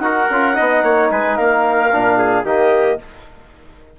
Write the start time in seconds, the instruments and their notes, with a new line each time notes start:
0.00 bassoon D#4, trombone F#4, trumpet A#4, clarinet F#5
0.31 bassoon C#4, trombone F4
0.55 bassoon B3, trombone D#4, trumpet D#5
0.83 bassoon A#3, trumpet C#5
1.11 bassoon G#3, trumpet B4, clarinet G#5
1.36 bassoon A#3, trumpet A#4, clarinet F5
1.92 bassoon A#2, trombone D4
2.19 trumpet G#4
2.44 bassoon D#3, trombone A#3, trumpet G4, clarinet D#5